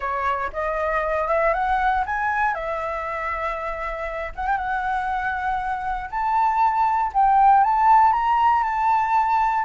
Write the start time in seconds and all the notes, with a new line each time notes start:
0.00 C#5
0.52 D#5
1.28 E5
1.53 F#5
2.05 G#5
2.54 E5
4.35 F#5
4.47 G5
4.57 F#5
6.10 A5
7.13 G5
7.63 A5
8.12 A#5
8.63 A5